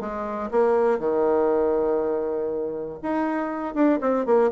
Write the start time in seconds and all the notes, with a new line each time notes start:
0.00 G#3
0.50 A#3
0.99 D#3
3.02 D#4
3.74 D4
4.01 C4
4.25 A#3